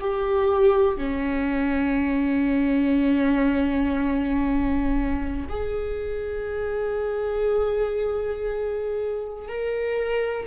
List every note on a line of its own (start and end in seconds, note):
0.00 0.97 G4
0.97 5.47 C#4
5.49 9.48 G#4
9.48 10.47 A#4